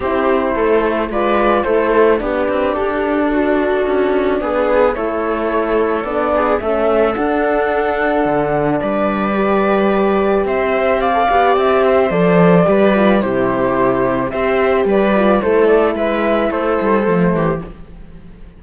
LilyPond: <<
  \new Staff \with { instrumentName = "flute" } { \time 4/4 \tempo 4 = 109 c''2 d''4 c''4 | b'4 a'2. | b'4 cis''2 d''4 | e''4 fis''2. |
d''2. e''4 | f''4 e''4 d''2 | c''2 e''4 d''4 | c''8 d''8 e''4 c''2 | }
  \new Staff \with { instrumentName = "viola" } { \time 4/4 g'4 a'4 b'4 a'4 | g'2 fis'2 | gis'4 a'2~ a'8 gis'8 | a'1 |
b'2. c''4 | d''4. c''4. b'4 | g'2 c''4 b'4 | a'4 b'4 a'4. g'8 | }
  \new Staff \with { instrumentName = "horn" } { \time 4/4 e'2 f'4 e'4 | d'1~ | d'4 e'2 d'4 | cis'4 d'2.~ |
d'4 g'2.~ | g'16 a'16 g'4. a'4 g'8 f'8 | e'2 g'4. f'8 | e'2. a4 | }
  \new Staff \with { instrumentName = "cello" } { \time 4/4 c'4 a4 gis4 a4 | b8 c'8 d'2 cis'4 | b4 a2 b4 | a4 d'2 d4 |
g2. c'4~ | c'8 b8 c'4 f4 g4 | c2 c'4 g4 | a4 gis4 a8 g8 f8 e8 | }
>>